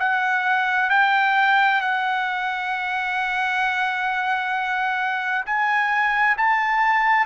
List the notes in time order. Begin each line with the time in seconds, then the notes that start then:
0.00 F#5
0.90 G5
1.81 F#5
5.46 G#5
6.38 A5